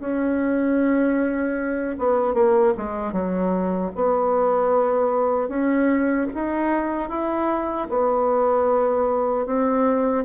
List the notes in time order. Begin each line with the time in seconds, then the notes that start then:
0.00 C#4
1.99 B3
2.34 A#3
2.78 G#3
3.13 F#3
3.96 B3
5.49 C#4
6.35 D#4
7.09 E4
7.89 B3
9.46 C4